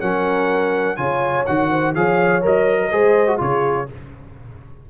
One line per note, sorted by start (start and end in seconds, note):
0.00 0.98 F#3
0.00 0.97 C#4
0.00 0.97 A#4
0.00 0.96 F#5
0.96 1.46 C#3
0.96 1.45 F4
0.96 1.69 C#5
0.96 1.45 G#5
1.46 1.95 D#3
1.46 1.95 F#4
1.46 1.94 F#5
1.70 1.94 C5
1.94 2.43 F3
1.94 2.41 G#4
1.94 2.81 C#5
1.94 2.43 F5
2.41 2.92 F#3
2.41 2.90 A#4
2.41 3.41 D#5
2.81 2.92 A#4
2.91 3.40 G#3
2.91 3.27 G#4
2.91 3.40 C5
3.27 3.37 F#4
3.37 3.89 C#3
3.37 3.86 F4
3.37 3.90 G#4
3.37 3.89 C#5